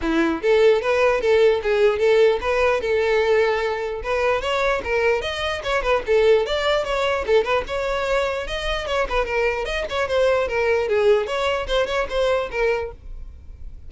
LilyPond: \new Staff \with { instrumentName = "violin" } { \time 4/4 \tempo 4 = 149 e'4 a'4 b'4 a'4 | gis'4 a'4 b'4 a'4~ | a'2 b'4 cis''4 | ais'4 dis''4 cis''8 b'8 a'4 |
d''4 cis''4 a'8 b'8 cis''4~ | cis''4 dis''4 cis''8 b'8 ais'4 | dis''8 cis''8 c''4 ais'4 gis'4 | cis''4 c''8 cis''8 c''4 ais'4 | }